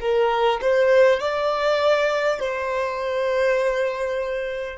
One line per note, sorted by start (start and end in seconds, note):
0.00 0.60 A#4
0.62 1.19 C5
1.19 2.39 D5
2.39 4.78 C5